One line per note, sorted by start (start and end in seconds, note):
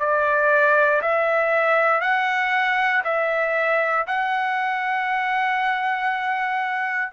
0.00 1.02 D5
1.02 2.01 E5
2.01 3.03 F#5
3.04 4.06 E5
4.07 7.12 F#5